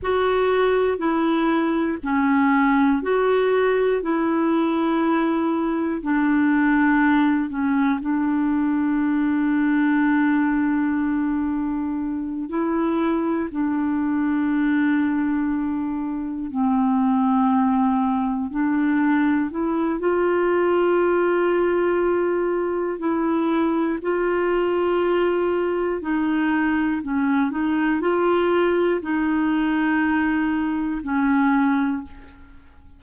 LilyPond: \new Staff \with { instrumentName = "clarinet" } { \time 4/4 \tempo 4 = 60 fis'4 e'4 cis'4 fis'4 | e'2 d'4. cis'8 | d'1~ | d'8 e'4 d'2~ d'8~ |
d'8 c'2 d'4 e'8 | f'2. e'4 | f'2 dis'4 cis'8 dis'8 | f'4 dis'2 cis'4 | }